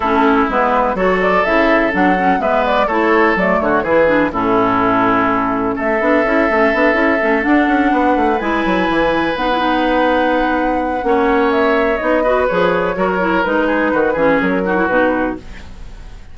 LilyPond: <<
  \new Staff \with { instrumentName = "flute" } { \time 4/4 \tempo 4 = 125 a'4 b'4 cis''8 d''8 e''4 | fis''4 e''8 d''8 cis''4 d''8 cis''8 | b'4 a'2. | e''2.~ e''8 fis''8~ |
fis''4. gis''2 fis''8~ | fis''1 | e''4 dis''4 cis''2 | b'2 ais'4 b'4 | }
  \new Staff \with { instrumentName = "oboe" } { \time 4/4 e'2 a'2~ | a'4 b'4 a'4. fis'8 | gis'4 e'2. | a'1~ |
a'8 b'2.~ b'8~ | b'2. cis''4~ | cis''4. b'4. ais'4~ | ais'8 gis'8 fis'8 gis'4 fis'4. | }
  \new Staff \with { instrumentName = "clarinet" } { \time 4/4 cis'4 b4 fis'4 e'4 | d'8 cis'8 b4 e'4 a4 | e'8 d'8 cis'2.~ | cis'8 d'8 e'8 cis'8 d'8 e'8 cis'8 d'8~ |
d'4. e'2 dis'16 e'16 | dis'2. cis'4~ | cis'4 dis'8 fis'8 gis'4 fis'8 e'8 | dis'4. cis'4 dis'16 e'16 dis'4 | }
  \new Staff \with { instrumentName = "bassoon" } { \time 4/4 a4 gis4 fis4 cis4 | fis4 gis4 a4 fis8 d8 | e4 a,2. | a8 b8 cis'8 a8 b8 cis'8 a8 d'8 |
cis'8 b8 a8 gis8 fis8 e4 b8~ | b2. ais4~ | ais4 b4 f4 fis4 | gis4 dis8 e8 fis4 b,4 | }
>>